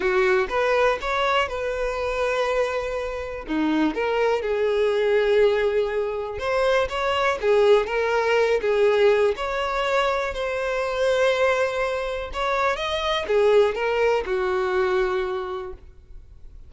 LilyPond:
\new Staff \with { instrumentName = "violin" } { \time 4/4 \tempo 4 = 122 fis'4 b'4 cis''4 b'4~ | b'2. dis'4 | ais'4 gis'2.~ | gis'4 c''4 cis''4 gis'4 |
ais'4. gis'4. cis''4~ | cis''4 c''2.~ | c''4 cis''4 dis''4 gis'4 | ais'4 fis'2. | }